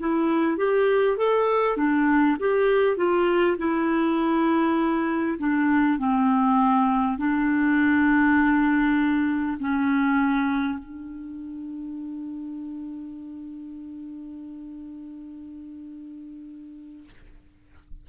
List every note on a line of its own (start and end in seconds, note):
0.00 0.58 E4
0.58 1.18 G4
1.18 1.77 A4
1.77 2.37 D4
2.40 2.97 G4
2.97 3.57 F4
3.58 5.38 E4
5.39 5.99 D4
5.99 7.18 C4
7.18 9.58 D4
9.60 10.79 C#4
10.79 17.09 D4